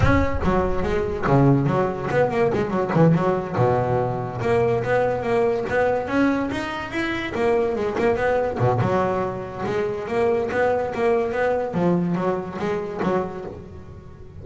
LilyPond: \new Staff \with { instrumentName = "double bass" } { \time 4/4 \tempo 4 = 143 cis'4 fis4 gis4 cis4 | fis4 b8 ais8 gis8 fis8 e8 fis8~ | fis8 b,2 ais4 b8~ | b8 ais4 b4 cis'4 dis'8~ |
dis'8 e'4 ais4 gis8 ais8 b8~ | b8 b,8 fis2 gis4 | ais4 b4 ais4 b4 | f4 fis4 gis4 fis4 | }